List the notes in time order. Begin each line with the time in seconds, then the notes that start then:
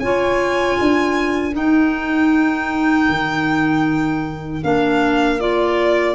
0.00 C#4 F4 C#5 G#5
0.78 D4 A#4
1.53 D#4 G5
3.09 D#3
4.64 A#3 D4 F5
5.40 F4 D5